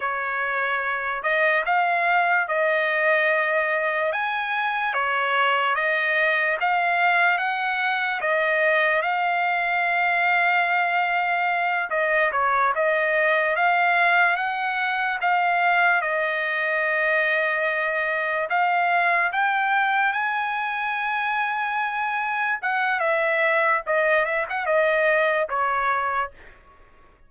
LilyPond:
\new Staff \with { instrumentName = "trumpet" } { \time 4/4 \tempo 4 = 73 cis''4. dis''8 f''4 dis''4~ | dis''4 gis''4 cis''4 dis''4 | f''4 fis''4 dis''4 f''4~ | f''2~ f''8 dis''8 cis''8 dis''8~ |
dis''8 f''4 fis''4 f''4 dis''8~ | dis''2~ dis''8 f''4 g''8~ | g''8 gis''2. fis''8 | e''4 dis''8 e''16 fis''16 dis''4 cis''4 | }